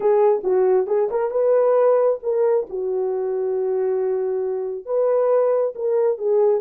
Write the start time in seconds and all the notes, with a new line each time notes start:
0.00 G#4
0.43 F#4
0.87 G#4
1.10 A#4
1.31 B4
2.22 A#4
2.69 F#4
4.85 B4
5.75 A#4
6.18 G#4